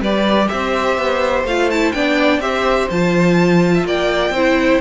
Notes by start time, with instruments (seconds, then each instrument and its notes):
0.00 cello G3, viola G4, violin B4 D5
0.48 cello C4, violin C5 E5
0.97 cello B3
1.44 cello A3, viola F4, violin F5
1.70 viola E4, violin A5
1.92 cello B3, viola D4, violin D5 G5
2.39 cello C4, viola G4, violin C5 E5
2.90 cello F3, viola F4, violin A5
3.74 violin E5
3.84 cello A#3, violin D5 G5
4.30 cello C4, viola E4, violin C5